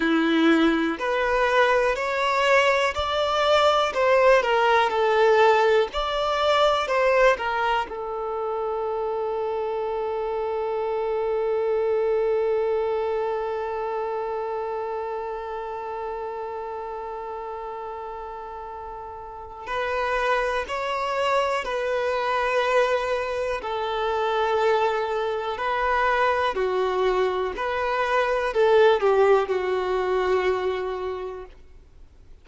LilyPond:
\new Staff \with { instrumentName = "violin" } { \time 4/4 \tempo 4 = 61 e'4 b'4 cis''4 d''4 | c''8 ais'8 a'4 d''4 c''8 ais'8 | a'1~ | a'1~ |
a'1 | b'4 cis''4 b'2 | a'2 b'4 fis'4 | b'4 a'8 g'8 fis'2 | }